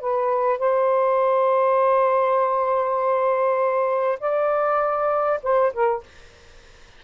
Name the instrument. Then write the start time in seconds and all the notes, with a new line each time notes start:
saxophone
0.00 B4
0.58 C5
4.19 D5
5.42 C5
5.73 A#4